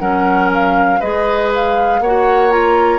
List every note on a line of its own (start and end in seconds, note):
0.00 1.00 F#3
0.00 1.00 C#4
0.00 1.00 A#4
0.00 0.50 F#5
0.54 1.01 F5
1.00 2.00 G#3
1.00 2.02 G#4
1.00 2.00 B4
1.00 1.51 D#5
1.55 2.02 F5
2.00 2.99 A#3
2.00 2.50 F#4
2.00 2.99 C#5
2.00 2.51 F#5
2.50 2.99 F4
2.50 2.99 A#5